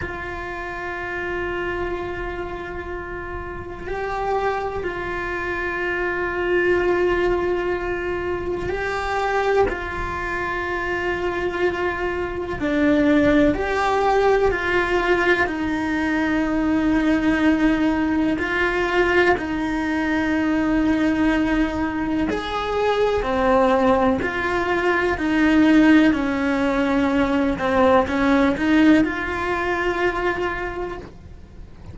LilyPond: \new Staff \with { instrumentName = "cello" } { \time 4/4 \tempo 4 = 62 f'1 | g'4 f'2.~ | f'4 g'4 f'2~ | f'4 d'4 g'4 f'4 |
dis'2. f'4 | dis'2. gis'4 | c'4 f'4 dis'4 cis'4~ | cis'8 c'8 cis'8 dis'8 f'2 | }